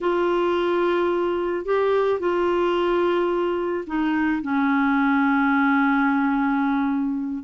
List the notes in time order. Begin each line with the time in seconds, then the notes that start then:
0.01 F4
1.65 G4
2.19 F4
3.87 D#4
4.42 C#4